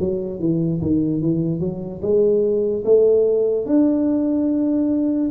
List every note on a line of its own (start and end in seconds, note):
0.00 0.40 F#3
0.40 0.81 E3
0.82 1.22 D#3
1.22 1.60 E3
1.60 2.01 F#3
2.02 2.84 G#3
2.85 3.66 A3
3.66 5.31 D4